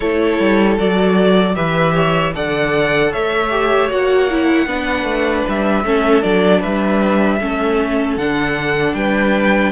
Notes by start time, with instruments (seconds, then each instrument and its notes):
0.00 cello A3, viola E4, violin A4 C#5
0.39 cello G3
0.78 cello F#3, viola F#4, violin D5
1.54 cello E3, viola G4, violin B4 E5
1.94 violin C#5
2.34 cello D3, viola A4, violin D5 F#5
3.11 cello A3, violin C#5 E5
3.50 viola G4
3.89 cello A#3, viola F#4, violin F#5
4.30 viola E4
4.66 cello B3, viola D4, violin B4
5.03 cello A3
5.48 cello G3, violin E5
5.83 cello A3, viola C#4, violin A4
6.22 cello F#3, viola D4, violin D5
6.59 cello G3, violin B4 E5
7.40 cello A3, viola C#4, violin A4
8.17 cello D3, viola D4, violin F#5
8.93 cello G3, violin B4 G5